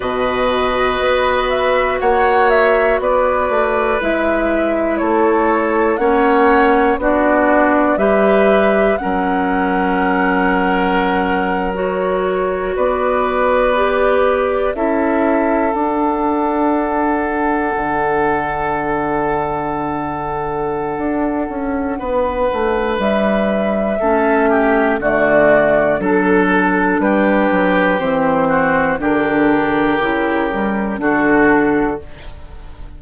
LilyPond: <<
  \new Staff \with { instrumentName = "flute" } { \time 4/4 \tempo 4 = 60 dis''4. e''8 fis''8 e''8 d''4 | e''4 cis''4 fis''4 d''4 | e''4 fis''2~ fis''8. cis''16~ | cis''8. d''2 e''4 fis''16~ |
fis''1~ | fis''2. e''4~ | e''4 d''4 a'4 b'4 | c''4 ais'2 a'4 | }
  \new Staff \with { instrumentName = "oboe" } { \time 4/4 b'2 cis''4 b'4~ | b'4 a'4 cis''4 fis'4 | b'4 ais'2.~ | ais'8. b'2 a'4~ a'16~ |
a'1~ | a'2 b'2 | a'8 g'8 fis'4 a'4 g'4~ | g'8 fis'8 g'2 fis'4 | }
  \new Staff \with { instrumentName = "clarinet" } { \time 4/4 fis'1 | e'2 cis'4 d'4 | g'4 cis'2~ cis'8. fis'16~ | fis'4.~ fis'16 g'4 e'4 d'16~ |
d'1~ | d'1 | cis'4 a4 d'2 | c'4 d'4 e'8 g8 d'4 | }
  \new Staff \with { instrumentName = "bassoon" } { \time 4/4 b,4 b4 ais4 b8 a8 | gis4 a4 ais4 b4 | g4 fis2.~ | fis8. b2 cis'4 d'16~ |
d'4.~ d'16 d2~ d16~ | d4 d'8 cis'8 b8 a8 g4 | a4 d4 fis4 g8 fis8 | e4 d4 cis4 d4 | }
>>